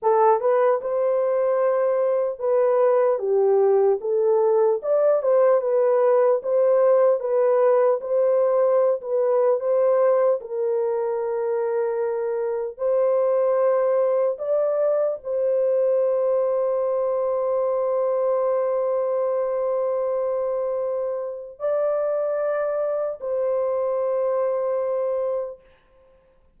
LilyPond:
\new Staff \with { instrumentName = "horn" } { \time 4/4 \tempo 4 = 75 a'8 b'8 c''2 b'4 | g'4 a'4 d''8 c''8 b'4 | c''4 b'4 c''4~ c''16 b'8. | c''4 ais'2. |
c''2 d''4 c''4~ | c''1~ | c''2. d''4~ | d''4 c''2. | }